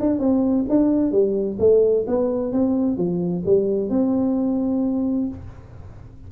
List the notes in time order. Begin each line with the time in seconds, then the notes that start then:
0.00 D4
0.19 C4
0.69 D4
1.12 G3
1.59 A3
2.07 B3
2.52 C4
2.97 F3
3.46 G3
3.90 C4